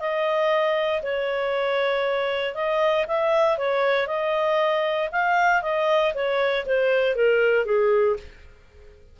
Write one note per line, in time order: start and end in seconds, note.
0.00 1.03 D#5
1.03 2.55 C#5
2.55 3.06 D#5
3.07 3.58 E5
3.58 4.07 C#5
4.07 5.10 D#5
5.12 5.62 F5
5.62 6.14 D#5
6.14 6.65 C#5
6.66 7.16 C5
7.16 7.65 A#4
7.65 8.17 G#4